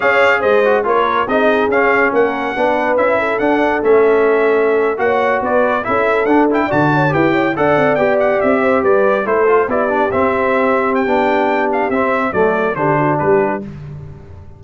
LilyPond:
<<
  \new Staff \with { instrumentName = "trumpet" } { \time 4/4 \tempo 4 = 141 f''4 dis''4 cis''4 dis''4 | f''4 fis''2 e''4 | fis''4 e''2~ e''8. fis''16~ | fis''8. d''4 e''4 fis''8 g''8 a''16~ |
a''8. g''4 fis''4 g''8 fis''8 e''16~ | e''8. d''4 c''4 d''4 e''16~ | e''4.~ e''16 g''4.~ g''16 f''8 | e''4 d''4 c''4 b'4 | }
  \new Staff \with { instrumentName = "horn" } { \time 4/4 cis''4 c''4 ais'4 gis'4~ | gis'4 ais'4 b'4. a'8~ | a'2.~ a'8. cis''16~ | cis''8. b'4 a'2 d''16~ |
d''16 cis''8 b'8 cis''8 d''2~ d''16~ | d''16 c''8 b'4 a'4 g'4~ g'16~ | g'1~ | g'4 a'4 g'8 fis'8 g'4 | }
  \new Staff \with { instrumentName = "trombone" } { \time 4/4 gis'4. fis'8 f'4 dis'4 | cis'2 d'4 e'4 | d'4 cis'2~ cis'8. fis'16~ | fis'4.~ fis'16 e'4 d'8 e'8 fis'16~ |
fis'8. g'4 a'4 g'4~ g'16~ | g'4.~ g'16 e'8 f'8 e'8 d'8 c'16~ | c'2 d'2 | c'4 a4 d'2 | }
  \new Staff \with { instrumentName = "tuba" } { \time 4/4 cis'4 gis4 ais4 c'4 | cis'4 ais4 b4 cis'4 | d'4 a2~ a8. ais16~ | ais8. b4 cis'4 d'4 d16~ |
d8. e'4 d'8 c'8 b4 c'16~ | c'8. g4 a4 b4 c'16~ | c'2 b2 | c'4 fis4 d4 g4 | }
>>